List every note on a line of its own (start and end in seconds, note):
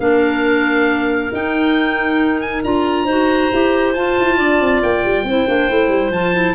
0.00 1.31 A#3
0.00 1.32 D4
0.00 3.05 A#4
0.00 1.32 F5
1.33 2.64 D#4
1.33 2.41 G5
2.41 2.63 G#5
2.64 3.06 D4
2.64 3.08 F4
2.64 3.94 A#5
3.05 3.50 D#4
3.05 3.52 F#4
3.05 4.36 C5
3.52 3.96 E4
3.52 3.96 G4
3.94 4.18 F4
3.94 5.28 F4
3.94 4.81 A5
4.19 4.39 E4
4.38 4.61 D4
4.38 5.25 D5
4.61 4.83 C4
4.83 5.05 A#3
4.83 6.12 G5
5.05 5.24 G3
5.24 5.46 C4
5.24 5.48 E4
5.24 6.55 C5
5.48 5.71 A#3
5.48 5.69 D4
5.69 5.89 A3
5.69 6.13 E4
5.89 6.11 G3
6.11 6.54 F3
6.11 6.34 F4
6.11 6.55 A5
6.34 6.55 E4